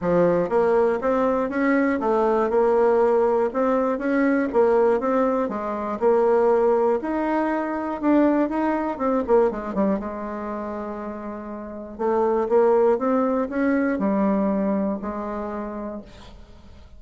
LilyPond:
\new Staff \with { instrumentName = "bassoon" } { \time 4/4 \tempo 4 = 120 f4 ais4 c'4 cis'4 | a4 ais2 c'4 | cis'4 ais4 c'4 gis4 | ais2 dis'2 |
d'4 dis'4 c'8 ais8 gis8 g8 | gis1 | a4 ais4 c'4 cis'4 | g2 gis2 | }